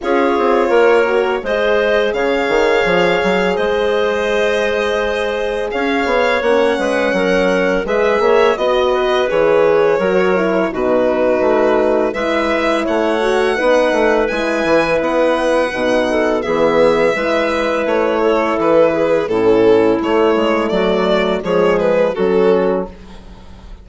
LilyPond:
<<
  \new Staff \with { instrumentName = "violin" } { \time 4/4 \tempo 4 = 84 cis''2 dis''4 f''4~ | f''4 dis''2. | f''4 fis''2 e''4 | dis''4 cis''2 b'4~ |
b'4 e''4 fis''2 | gis''4 fis''2 e''4~ | e''4 cis''4 b'4 a'4 | cis''4 d''4 cis''8 b'8 a'4 | }
  \new Staff \with { instrumentName = "clarinet" } { \time 4/4 gis'4 ais'4 c''4 cis''4~ | cis''4 c''2. | cis''4. b'8 ais'4 b'8 cis''8 | dis''8 b'4. ais'4 fis'4~ |
fis'4 b'4 cis''4 b'4~ | b'2~ b'8 a'8 gis'4 | b'4. a'4 gis'8 e'4~ | e'4 fis'4 gis'4 fis'4 | }
  \new Staff \with { instrumentName = "horn" } { \time 4/4 f'4. fis'8 gis'2~ | gis'1~ | gis'4 cis'2 gis'4 | fis'4 gis'4 fis'8 e'8 dis'4~ |
dis'4 e'4. fis'8 dis'4 | e'2 dis'4 b4 | e'2. cis'4 | a2 gis4 cis'4 | }
  \new Staff \with { instrumentName = "bassoon" } { \time 4/4 cis'8 c'8 ais4 gis4 cis8 dis8 | f8 fis8 gis2. | cis'8 b8 ais8 gis8 fis4 gis8 ais8 | b4 e4 fis4 b,4 |
a4 gis4 a4 b8 a8 | gis8 e8 b4 b,4 e4 | gis4 a4 e4 a,4 | a8 gis8 fis4 f4 fis4 | }
>>